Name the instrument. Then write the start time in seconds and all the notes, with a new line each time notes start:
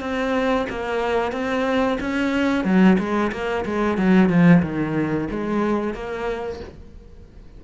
cello
0.00 C4
0.69 A#3
1.32 C4
2.00 C#4
2.64 F#3
2.99 G#3
3.32 A#3
3.65 G#3
3.97 F#3
4.29 F3
4.62 D#3
5.30 G#3
5.94 A#3